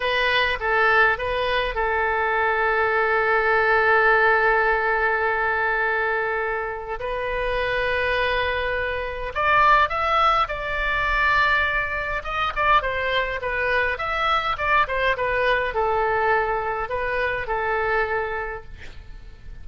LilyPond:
\new Staff \with { instrumentName = "oboe" } { \time 4/4 \tempo 4 = 103 b'4 a'4 b'4 a'4~ | a'1~ | a'1 | b'1 |
d''4 e''4 d''2~ | d''4 dis''8 d''8 c''4 b'4 | e''4 d''8 c''8 b'4 a'4~ | a'4 b'4 a'2 | }